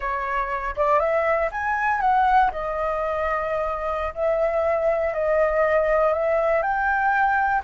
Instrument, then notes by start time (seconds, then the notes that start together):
flute
0.00 C#5
0.76 D5
0.99 E5
1.51 G#5
2.00 F#5
2.51 D#5
4.14 E5
5.13 D#5
6.13 E5
6.62 G5